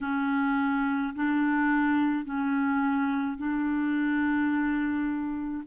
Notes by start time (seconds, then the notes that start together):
0.00 C#4
1.15 D4
2.24 C#4
3.37 D4